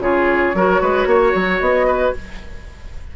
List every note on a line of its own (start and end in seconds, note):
0.00 0.53 C#3
0.00 0.54 F4
0.00 0.56 G#4
0.00 1.60 C#5
0.55 0.81 F#3
0.55 2.16 F#4
0.55 0.82 A#4
0.82 1.06 G#3
0.82 1.08 B4
1.06 1.33 A#3
1.06 1.87 C#5
1.35 1.61 F#3
1.60 2.14 B3
1.60 2.13 D#5
1.87 2.14 B4